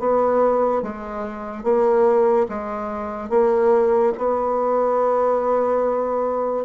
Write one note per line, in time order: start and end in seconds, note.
0.00 0.83 B3
0.83 1.64 G#3
1.64 2.47 A#3
2.49 3.30 G#3
3.30 4.13 A#3
4.18 6.66 B3